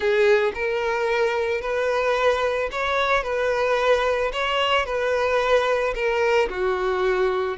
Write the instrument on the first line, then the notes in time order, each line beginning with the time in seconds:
violin
0.00 G#4
0.54 A#4
1.61 B4
2.71 C#5
3.23 B4
4.32 C#5
4.85 B4
5.95 A#4
6.49 F#4